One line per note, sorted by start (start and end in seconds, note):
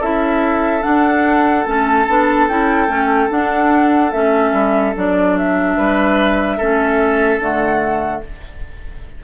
0.00 0.83 C#4
0.00 0.81 E4
0.00 5.75 A4
0.00 0.83 E5
0.81 1.63 D4
0.81 1.66 D4
0.81 1.64 F#5
1.64 2.07 A3
1.64 2.07 C#4
1.64 2.46 A5
2.08 2.48 B3
2.08 2.49 D4
2.48 2.87 C#4
2.48 2.88 E4
2.48 3.30 G5
2.87 3.29 A3
2.87 3.29 C#4
3.30 4.12 D4
3.30 4.12 F#5
4.12 4.52 A3
4.12 4.95 C#4
4.12 4.94 E5
4.52 4.93 G3
4.96 5.76 F#3
4.96 6.60 D4
4.96 5.37 D5
5.37 7.41 E5
5.76 6.59 G3
5.76 6.57 B4
6.57 7.39 A3
6.57 7.41 C#4
6.57 8.21 A4
7.39 8.21 D3
7.39 8.23 A3
7.39 8.23 F#5